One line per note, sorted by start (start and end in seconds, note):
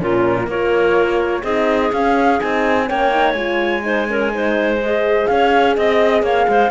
0.00 0.47 A#2
0.00 0.48 C#4
0.00 0.48 F4
0.00 0.50 A#4
0.47 1.43 A#3
0.47 1.45 F4
0.47 1.43 A#4
0.47 1.44 C#5
1.43 1.92 C4
1.43 1.92 D#4
1.43 2.87 G#4
1.43 1.92 D#5
1.92 2.39 C#4
1.92 2.41 C#4
1.92 2.40 F5
2.39 2.91 C4
2.39 2.87 D#4
2.39 2.88 G#5
2.88 3.34 A#3
2.88 3.12 C#4
2.88 3.84 C#5
2.88 3.32 G5
3.12 3.36 D#4
3.32 5.26 G#3
3.32 3.83 F4
3.32 4.76 G#5
3.83 4.07 D#4
3.83 4.10 C5
4.08 4.32 C#4
4.08 4.34 A#4
4.32 4.80 D#4
4.32 5.31 C5
4.83 6.71 G#4
4.83 5.27 D#5
5.27 5.78 C#4
5.27 5.77 C#5
5.27 5.75 F5
5.77 6.23 C4
5.77 6.25 D#5
5.77 6.23 D#5
6.23 6.47 A#3
6.23 6.47 C#5
6.23 6.71 F5
6.48 6.71 G#3
6.48 6.71 C5